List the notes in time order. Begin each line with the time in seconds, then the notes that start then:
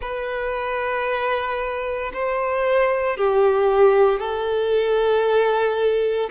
0.01 B4
2.13 C5
3.17 G4
4.19 A4